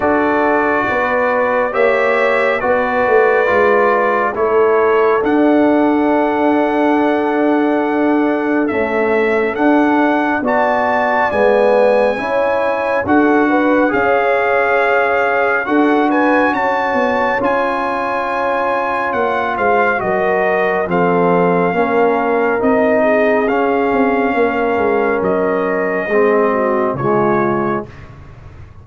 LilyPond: <<
  \new Staff \with { instrumentName = "trumpet" } { \time 4/4 \tempo 4 = 69 d''2 e''4 d''4~ | d''4 cis''4 fis''2~ | fis''2 e''4 fis''4 | a''4 gis''2 fis''4 |
f''2 fis''8 gis''8 a''4 | gis''2 fis''8 f''8 dis''4 | f''2 dis''4 f''4~ | f''4 dis''2 cis''4 | }
  \new Staff \with { instrumentName = "horn" } { \time 4/4 a'4 b'4 cis''4 b'4~ | b'4 a'2.~ | a'1 | d''2 cis''4 a'8 b'8 |
cis''2 a'8 b'8 cis''4~ | cis''2~ cis''8 c''8 ais'4 | a'4 ais'4. gis'4. | ais'2 gis'8 fis'8 f'4 | }
  \new Staff \with { instrumentName = "trombone" } { \time 4/4 fis'2 g'4 fis'4 | f'4 e'4 d'2~ | d'2 a4 d'4 | fis'4 b4 e'4 fis'4 |
gis'2 fis'2 | f'2. fis'4 | c'4 cis'4 dis'4 cis'4~ | cis'2 c'4 gis4 | }
  \new Staff \with { instrumentName = "tuba" } { \time 4/4 d'4 b4 ais4 b8 a8 | gis4 a4 d'2~ | d'2 cis'4 d'4 | b4 gis4 cis'4 d'4 |
cis'2 d'4 cis'8 b8 | cis'2 ais8 gis8 fis4 | f4 ais4 c'4 cis'8 c'8 | ais8 gis8 fis4 gis4 cis4 | }
>>